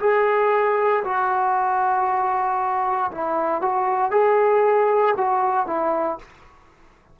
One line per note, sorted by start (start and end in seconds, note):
0.00 1.03 G#4
1.04 3.11 F#4
3.12 3.62 E4
3.62 4.11 F#4
4.11 5.14 G#4
5.17 5.67 F#4
5.67 6.18 E4